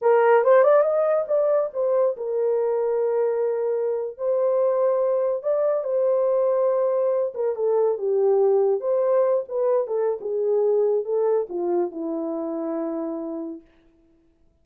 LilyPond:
\new Staff \with { instrumentName = "horn" } { \time 4/4 \tempo 4 = 141 ais'4 c''8 d''8 dis''4 d''4 | c''4 ais'2.~ | ais'4.~ ais'16 c''2~ c''16~ | c''8. d''4 c''2~ c''16~ |
c''4~ c''16 ais'8 a'4 g'4~ g'16~ | g'8. c''4. b'4 a'8. | gis'2 a'4 f'4 | e'1 | }